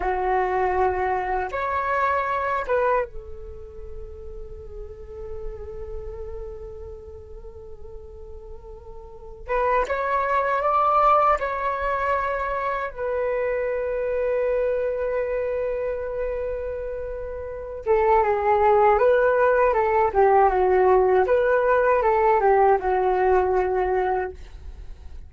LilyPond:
\new Staff \with { instrumentName = "flute" } { \time 4/4 \tempo 4 = 79 fis'2 cis''4. b'8 | a'1~ | a'1~ | a'8 b'8 cis''4 d''4 cis''4~ |
cis''4 b'2.~ | b'2.~ b'8 a'8 | gis'4 b'4 a'8 g'8 fis'4 | b'4 a'8 g'8 fis'2 | }